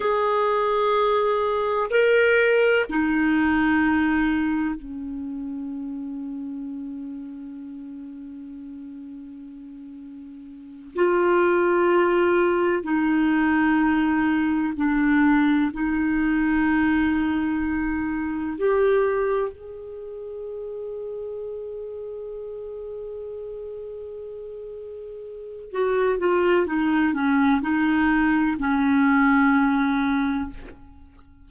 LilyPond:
\new Staff \with { instrumentName = "clarinet" } { \time 4/4 \tempo 4 = 63 gis'2 ais'4 dis'4~ | dis'4 cis'2.~ | cis'2.~ cis'8 f'8~ | f'4. dis'2 d'8~ |
d'8 dis'2. g'8~ | g'8 gis'2.~ gis'8~ | gis'2. fis'8 f'8 | dis'8 cis'8 dis'4 cis'2 | }